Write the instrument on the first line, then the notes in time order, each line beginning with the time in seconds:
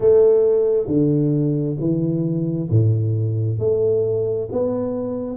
tuba
0.00 A3
0.87 D3
1.79 E3
2.70 A2
3.58 A3
4.51 B3